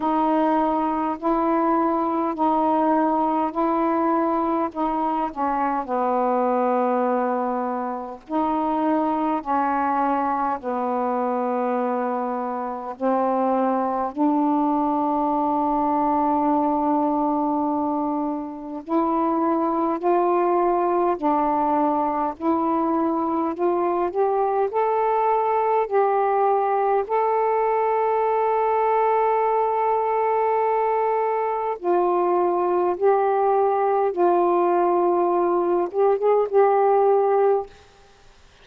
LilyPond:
\new Staff \with { instrumentName = "saxophone" } { \time 4/4 \tempo 4 = 51 dis'4 e'4 dis'4 e'4 | dis'8 cis'8 b2 dis'4 | cis'4 b2 c'4 | d'1 |
e'4 f'4 d'4 e'4 | f'8 g'8 a'4 g'4 a'4~ | a'2. f'4 | g'4 f'4. g'16 gis'16 g'4 | }